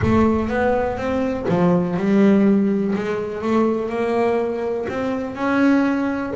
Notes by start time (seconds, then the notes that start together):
0.02 A3
0.48 B3
0.97 C4
1.49 F3
1.96 G3
2.95 G#3
3.42 A3
3.89 A#3
4.89 C4
5.35 C#4